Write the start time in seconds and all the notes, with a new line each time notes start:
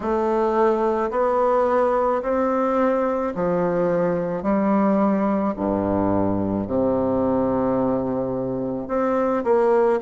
0.00 A3
1.11 B3
2.22 C4
3.34 F3
4.42 G3
5.56 G2
6.67 C3
8.87 C4
9.43 A#3